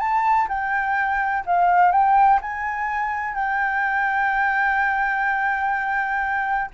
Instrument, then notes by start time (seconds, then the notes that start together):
flute
0.00 A5
0.49 G5
1.46 F5
1.92 G5
2.42 G#5
3.36 G5